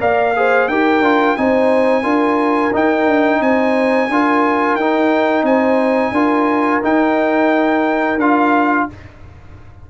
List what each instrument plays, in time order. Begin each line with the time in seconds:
0.00 tuba A#3, trombone A#4, horn D5, trumpet F5
0.36 trombone G#4, horn C5
0.68 tuba D#4, trombone G4, horn A#4, trumpet G5
1.01 tuba D4, trombone F4
1.37 tuba C4, trombone D#4, horn C5, trumpet G#5
2.03 tuba D4, trombone F4, horn A#4
2.73 trombone D#4, tuba D#4, trumpet G5
3.06 tuba D4
3.41 tuba C4, horn C5, trumpet G#5
4.09 tuba D4, trombone F4, horn A#4
4.76 tuba D#4, trombone D#4, trumpet G5
5.42 tuba C4, horn C5, trumpet G#5
6.12 tuba D4, trombone F4, horn A#4
6.83 trombone D#4, tuba D#4, trumpet G5
8.17 tuba D4, trombone F4, trumpet F5